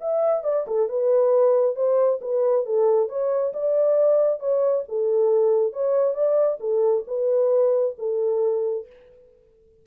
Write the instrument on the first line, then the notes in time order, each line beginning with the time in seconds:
horn
0.00 E5
0.44 D5
0.67 A4
0.89 B4
1.75 C5
2.21 B4
2.66 A4
3.08 C#5
3.53 D5
4.39 C#5
4.88 A4
5.73 C#5
6.14 D5
6.60 A4
7.07 B4
7.98 A4